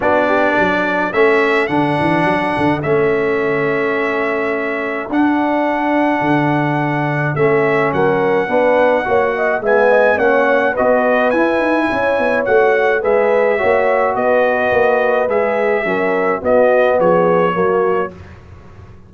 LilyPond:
<<
  \new Staff \with { instrumentName = "trumpet" } { \time 4/4 \tempo 4 = 106 d''2 e''4 fis''4~ | fis''4 e''2.~ | e''4 fis''2.~ | fis''4 e''4 fis''2~ |
fis''4 gis''4 fis''4 dis''4 | gis''2 fis''4 e''4~ | e''4 dis''2 e''4~ | e''4 dis''4 cis''2 | }
  \new Staff \with { instrumentName = "horn" } { \time 4/4 fis'8 g'8 a'2.~ | a'1~ | a'1~ | a'2 ais'4 b'4 |
cis''8 dis''8 e''8 dis''8 cis''4 b'4~ | b'4 cis''2 b'4 | cis''4 b'2. | ais'4 fis'4 gis'4 fis'4 | }
  \new Staff \with { instrumentName = "trombone" } { \time 4/4 d'2 cis'4 d'4~ | d'4 cis'2.~ | cis'4 d'2.~ | d'4 cis'2 d'4 |
fis'4 b4 cis'4 fis'4 | e'2 fis'4 gis'4 | fis'2. gis'4 | cis'4 b2 ais4 | }
  \new Staff \with { instrumentName = "tuba" } { \time 4/4 b4 fis4 a4 d8 e8 | fis8 d8 a2.~ | a4 d'2 d4~ | d4 a4 fis4 b4 |
ais4 gis4 ais4 b4 | e'8 dis'8 cis'8 b8 a4 gis4 | ais4 b4 ais4 gis4 | fis4 b4 f4 fis4 | }
>>